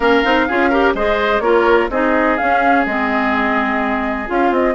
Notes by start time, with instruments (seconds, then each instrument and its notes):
0.00 bassoon A#3, clarinet C#4, oboe A#4, flute F5
0.24 bassoon C4, clarinet D#4
0.48 bassoon C#4, clarinet F4, oboe G#4
0.69 clarinet G4, oboe A#4
0.94 bassoon G#3, clarinet G#4, oboe C5, flute D#5
1.39 bassoon A#3, clarinet F4, oboe A#4, flute C#5
1.90 bassoon C4, clarinet D#4, oboe G#4, flute D#5
2.37 clarinet C#4, bassoon C#4, flute F5
2.85 bassoon G#3, clarinet C4, flute D#5
4.26 bassoon C#4, clarinet F4, flute F5
4.51 bassoon C4, flute D#5